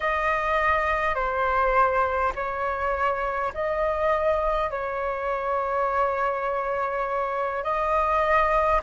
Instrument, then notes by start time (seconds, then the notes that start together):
flute
0.00 D#5
1.14 C5
2.35 C#5
3.53 D#5
4.70 C#5
7.63 D#5